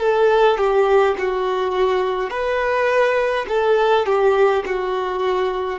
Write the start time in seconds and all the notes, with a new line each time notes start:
0.00 A4
0.58 G4
1.19 F#4
2.30 B4
3.49 A4
4.06 G4
4.66 F#4